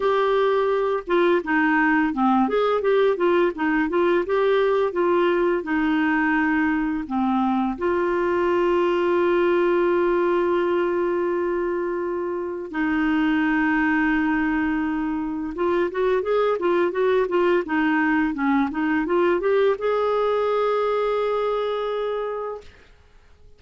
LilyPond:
\new Staff \with { instrumentName = "clarinet" } { \time 4/4 \tempo 4 = 85 g'4. f'8 dis'4 c'8 gis'8 | g'8 f'8 dis'8 f'8 g'4 f'4 | dis'2 c'4 f'4~ | f'1~ |
f'2 dis'2~ | dis'2 f'8 fis'8 gis'8 f'8 | fis'8 f'8 dis'4 cis'8 dis'8 f'8 g'8 | gis'1 | }